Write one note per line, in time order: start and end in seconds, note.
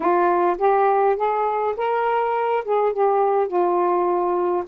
0.00 0.56 F4
0.58 1.16 G4
1.16 1.74 G#4
1.76 2.64 A#4
2.64 2.92 G#4
2.92 3.47 G4
3.47 4.64 F4